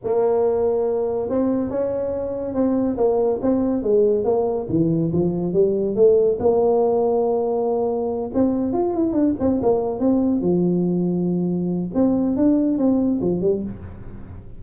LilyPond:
\new Staff \with { instrumentName = "tuba" } { \time 4/4 \tempo 4 = 141 ais2. c'4 | cis'2 c'4 ais4 | c'4 gis4 ais4 e4 | f4 g4 a4 ais4~ |
ais2.~ ais8 c'8~ | c'8 f'8 e'8 d'8 c'8 ais4 c'8~ | c'8 f2.~ f8 | c'4 d'4 c'4 f8 g8 | }